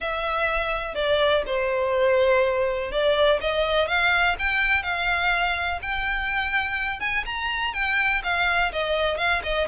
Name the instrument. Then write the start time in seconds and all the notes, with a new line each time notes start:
violin
0.00 E5
0.95 D5
1.46 C5
2.91 D5
3.40 D#5
3.87 F5
4.38 G5
4.82 F5
5.82 G5
7.00 G#5
7.25 A#5
7.73 G5
8.23 F5
8.72 D#5
9.17 F5
9.43 D#5